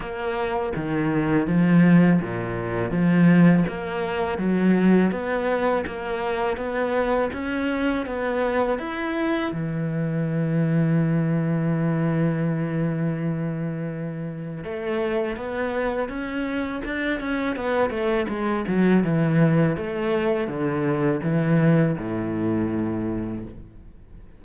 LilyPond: \new Staff \with { instrumentName = "cello" } { \time 4/4 \tempo 4 = 82 ais4 dis4 f4 ais,4 | f4 ais4 fis4 b4 | ais4 b4 cis'4 b4 | e'4 e2.~ |
e1 | a4 b4 cis'4 d'8 cis'8 | b8 a8 gis8 fis8 e4 a4 | d4 e4 a,2 | }